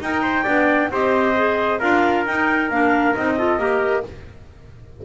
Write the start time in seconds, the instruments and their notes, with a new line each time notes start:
0.00 double bass D#4, clarinet D#4 G5, trumpet A#4
0.22 trumpet C5
0.43 double bass B3, clarinet D4, trumpet D5
0.90 double bass C4, clarinet G4 D#5, trumpet C5
1.35 clarinet G#4
1.79 double bass D4, clarinet F4 F5, trumpet A#4
2.25 double bass D#4, clarinet D#4 G5
2.69 double bass A#3, clarinet D4 F5
3.14 double bass C4, clarinet D#4 D#5
3.37 clarinet F4, trumpet A4
3.58 double bass A#3, clarinet G4, trumpet A#4